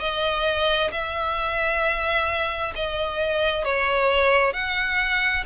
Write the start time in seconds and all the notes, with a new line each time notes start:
0.00 D#5
0.92 E5
2.76 D#5
3.65 C#5
4.54 F#5